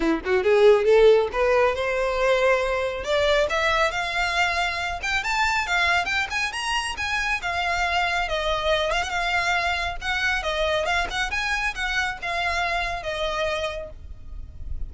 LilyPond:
\new Staff \with { instrumentName = "violin" } { \time 4/4 \tempo 4 = 138 e'8 fis'8 gis'4 a'4 b'4 | c''2. d''4 | e''4 f''2~ f''8 g''8 | a''4 f''4 g''8 gis''8 ais''4 |
gis''4 f''2 dis''4~ | dis''8 f''16 fis''16 f''2 fis''4 | dis''4 f''8 fis''8 gis''4 fis''4 | f''2 dis''2 | }